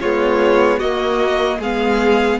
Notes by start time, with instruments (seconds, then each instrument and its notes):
0.00 viola G#3, cello B3, violin F4 C#5
0.78 cello A#3, viola A#3, violin F#4 D#5
1.58 cello G#3, viola B3, violin G#4 F5